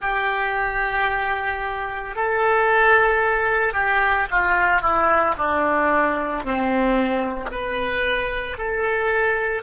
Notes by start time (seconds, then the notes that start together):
0.01 G4
2.15 A4
3.73 G4
4.31 F4
4.81 E4
5.37 D4
6.44 C4
7.51 B4
8.57 A4